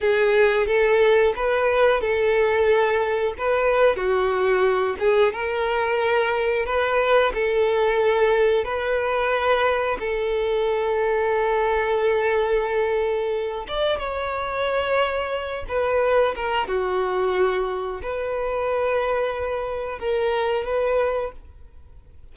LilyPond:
\new Staff \with { instrumentName = "violin" } { \time 4/4 \tempo 4 = 90 gis'4 a'4 b'4 a'4~ | a'4 b'4 fis'4. gis'8 | ais'2 b'4 a'4~ | a'4 b'2 a'4~ |
a'1~ | a'8 d''8 cis''2~ cis''8 b'8~ | b'8 ais'8 fis'2 b'4~ | b'2 ais'4 b'4 | }